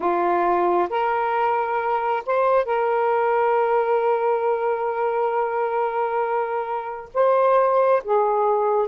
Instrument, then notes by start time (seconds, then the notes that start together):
saxophone
0.00 F4
0.89 A#4
2.25 C5
2.65 A#4
7.14 C5
8.04 G#4